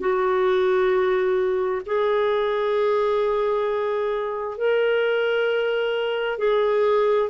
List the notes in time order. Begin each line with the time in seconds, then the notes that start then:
0.00 F#4
1.86 G#4
4.57 A#4
6.38 G#4